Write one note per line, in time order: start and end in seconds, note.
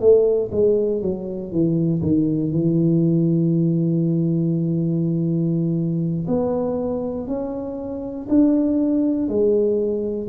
0.00 0.50 A3
0.52 1.02 G#3
1.02 1.52 F#3
1.52 2.02 E3
2.02 2.51 D#3
2.51 6.26 E3
6.27 7.27 B3
7.27 8.27 C#4
8.29 9.28 D4
9.28 10.28 G#3